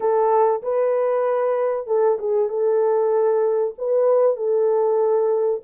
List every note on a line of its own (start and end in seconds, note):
0.00 0.62 A4
0.62 1.86 B4
1.86 2.18 A4
2.18 2.49 G#4
2.49 3.74 A4
3.78 4.36 B4
4.36 5.61 A4